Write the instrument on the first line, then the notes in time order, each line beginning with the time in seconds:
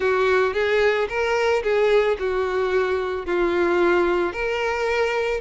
violin
0.00 F#4
0.53 G#4
1.08 A#4
1.63 G#4
2.19 F#4
3.26 F4
4.32 A#4